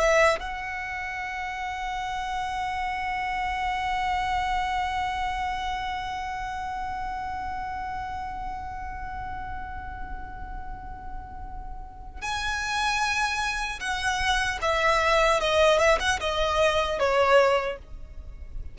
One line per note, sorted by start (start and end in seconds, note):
0.00 0.39 E5
0.40 12.22 F#5
12.22 13.80 G#5
13.80 14.59 F#5
14.62 15.41 E5
15.41 15.79 D#5
15.79 15.99 E5
16.00 16.20 F#5
16.21 17.00 D#5
17.00 17.78 C#5